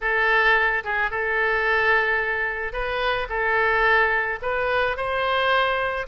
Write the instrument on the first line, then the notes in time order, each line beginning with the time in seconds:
oboe
0.01 A4
0.84 G#4
1.10 A4
2.72 B4
3.29 A4
4.42 B4
4.96 C5